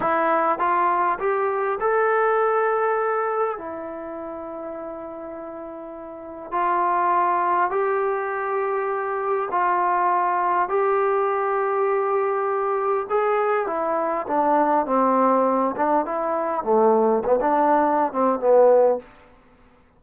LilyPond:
\new Staff \with { instrumentName = "trombone" } { \time 4/4 \tempo 4 = 101 e'4 f'4 g'4 a'4~ | a'2 e'2~ | e'2. f'4~ | f'4 g'2. |
f'2 g'2~ | g'2 gis'4 e'4 | d'4 c'4. d'8 e'4 | a4 b16 d'4~ d'16 c'8 b4 | }